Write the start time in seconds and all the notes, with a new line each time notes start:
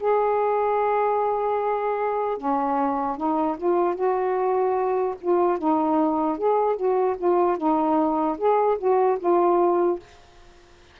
0.00 G#4
2.38 C#4
3.17 D#4
3.58 F4
3.96 F#4
5.21 F4
5.59 D#4
6.38 G#4
6.76 F#4
7.18 F4
7.58 D#4
8.38 G#4
8.79 F#4
9.20 F4